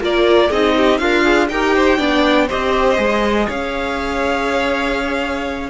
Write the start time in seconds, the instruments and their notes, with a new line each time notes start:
0.00 cello A#3, viola F4, violin A#4 D5
0.49 cello C4, viola D#4, violin G#4 D#5
0.77 violin G4
0.98 cello D4, violin F4 F5, viola A#4
1.24 viola G#4
1.49 cello D#4, viola G4, violin A#4 G5
1.75 violin C5
1.99 cello B3, viola D4, violin D5
2.47 cello C4, viola G4, violin C5 D#5
2.97 cello G#3, viola G#4
3.47 cello C#4, violin C#5 F5